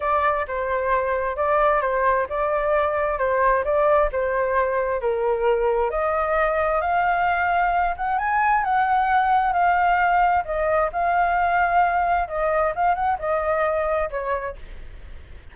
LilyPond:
\new Staff \with { instrumentName = "flute" } { \time 4/4 \tempo 4 = 132 d''4 c''2 d''4 | c''4 d''2 c''4 | d''4 c''2 ais'4~ | ais'4 dis''2 f''4~ |
f''4. fis''8 gis''4 fis''4~ | fis''4 f''2 dis''4 | f''2. dis''4 | f''8 fis''8 dis''2 cis''4 | }